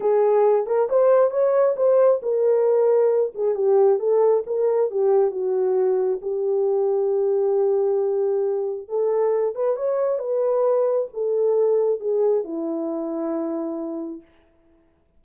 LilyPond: \new Staff \with { instrumentName = "horn" } { \time 4/4 \tempo 4 = 135 gis'4. ais'8 c''4 cis''4 | c''4 ais'2~ ais'8 gis'8 | g'4 a'4 ais'4 g'4 | fis'2 g'2~ |
g'1 | a'4. b'8 cis''4 b'4~ | b'4 a'2 gis'4 | e'1 | }